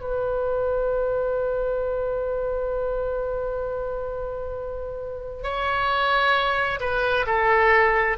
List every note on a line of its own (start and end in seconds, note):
0.00 5.43 B4
5.43 6.79 C#5
6.80 7.25 B4
7.26 8.17 A4